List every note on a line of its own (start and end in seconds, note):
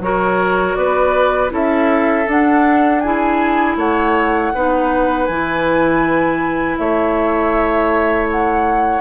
0.00 0.75 F#3
0.00 1.50 F#4
0.00 0.78 A#4
0.00 0.75 C#5
0.75 1.52 B3
0.75 1.53 B4
0.75 1.50 D5
1.50 2.27 C#4
1.50 2.25 E4
1.50 3.03 A4
1.50 2.30 E5
2.27 3.02 D4
2.27 3.77 D4
2.27 3.01 F#5
3.01 4.54 E4
3.01 3.78 G#4
3.01 3.76 G#5
3.77 4.52 A3
3.77 4.53 C#5
3.77 5.26 F#5
4.55 5.29 B3
4.55 5.30 D#4
4.55 6.80 B4
5.26 6.79 E3
5.26 9.01 E4
5.26 6.76 G#5
6.78 9.01 A3
6.78 9.01 C#5
6.78 8.28 E5
8.30 9.01 F#5